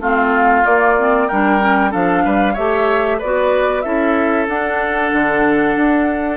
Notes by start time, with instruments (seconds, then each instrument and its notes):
0.00 bassoon A3, clarinet C4, oboe F4, flute F5
0.65 clarinet A#3, bassoon A#3, flute D5
0.98 clarinet C4
1.28 bassoon G3, clarinet D4, oboe A#4, flute G5
1.60 clarinet C#4
1.91 bassoon F3, clarinet D4, oboe A4, flute F5
2.25 bassoon G3, oboe B4
2.54 bassoon A3, clarinet G4, oboe C#5, flute E5
3.19 bassoon B3, clarinet F#4, oboe B4, flute D5
3.82 bassoon C#4, clarinet E4, oboe A4, flute E5
4.48 bassoon D4, clarinet D4, flute F#5
5.13 bassoon D3
5.76 bassoon D4